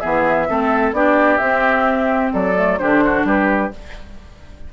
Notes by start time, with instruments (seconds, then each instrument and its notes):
0.00 bassoon E3, clarinet B3, oboe G#4, flute E5
0.48 bassoon A3, clarinet C4, oboe A4
0.92 bassoon B3, clarinet D4, oboe G4, flute D5
1.38 bassoon C4, clarinet C4, flute E5
2.33 bassoon F#3, oboe A4, flute D5
2.55 clarinet A3
2.78 bassoon D3, clarinet D4, oboe G4, flute C5
3.04 oboe F#4
3.24 bassoon G3, oboe G4, flute B4